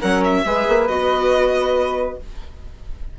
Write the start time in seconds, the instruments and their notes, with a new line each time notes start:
0.00 bassoon F#3, viola C#4, flute A#4, violin F#5
0.24 violin E5
0.44 bassoon G#3, viola G#4, flute B4
0.68 bassoon A#3
0.88 bassoon B3, viola F#4, violin D#5